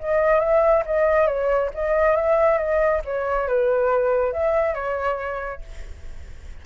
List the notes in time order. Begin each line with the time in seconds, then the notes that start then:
0.00 D#5
0.40 E5
0.86 D#5
1.27 C#5
1.75 D#5
2.17 E5
2.58 D#5
3.06 C#5
3.48 B4
4.33 E5
4.75 C#5